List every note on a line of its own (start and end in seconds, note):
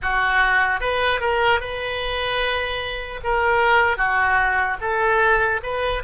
0.02 0.80 F#4
0.80 1.20 B4
1.20 1.60 A#4
1.60 3.20 B4
3.23 3.97 A#4
3.97 4.77 F#4
4.80 5.60 A4
5.62 6.02 B4